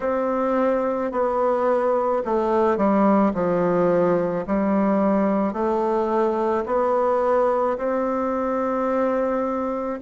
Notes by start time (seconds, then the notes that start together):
0.00 C4
1.11 B3
2.25 A3
2.77 G3
3.33 F3
4.46 G3
5.53 A3
6.66 B3
7.77 C4